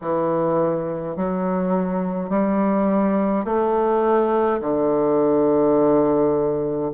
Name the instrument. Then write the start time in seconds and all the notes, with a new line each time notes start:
bassoon
0.01 E3
1.16 F#3
2.29 G3
3.45 A3
4.60 D3